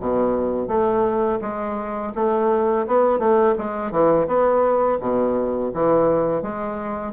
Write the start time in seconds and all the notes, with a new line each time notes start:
0.00 B2
0.68 A3
1.42 G#3
2.15 A3
2.87 B3
3.19 A3
3.58 G#3
3.91 E3
4.27 B3
5.00 B2
5.74 E3
6.42 G#3